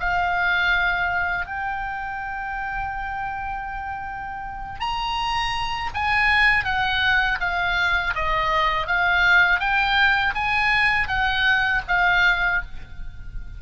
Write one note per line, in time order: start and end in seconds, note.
0.00 1.46 F5
1.46 4.80 G5
4.80 5.91 A#5
5.94 6.65 G#5
6.65 7.39 F#5
7.40 8.14 F5
8.15 8.87 D#5
8.87 9.60 F5
9.60 10.34 G5
10.35 11.08 G#5
11.08 11.82 F#5
11.88 12.62 F5